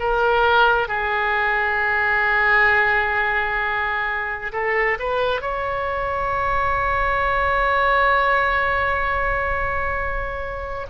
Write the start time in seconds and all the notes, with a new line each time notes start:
0.00 A#4
0.88 G#4
4.52 A4
4.99 B4
5.41 C#5